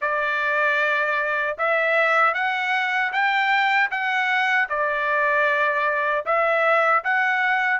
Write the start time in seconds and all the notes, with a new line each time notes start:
0.01 D5
1.58 E5
2.34 F#5
3.12 G5
3.90 F#5
4.69 D5
6.25 E5
7.03 F#5